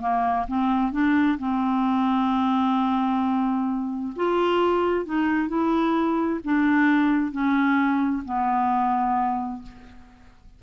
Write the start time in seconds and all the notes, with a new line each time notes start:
0.00 A#3
0.47 C4
0.92 D4
1.38 C4
4.16 F4
5.05 D#4
5.48 E4
6.44 D4
7.31 C#4
8.24 B3